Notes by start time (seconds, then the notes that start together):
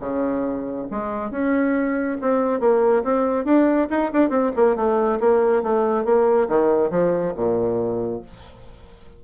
0.00 C#3
0.91 G#3
1.31 C#4
2.21 C4
2.60 A#3
3.04 C4
3.45 D4
3.90 D#4
4.13 D4
4.30 C4
4.56 A#3
4.76 A3
5.20 A#3
5.63 A3
6.05 A#3
6.48 D#3
6.91 F3
7.35 A#2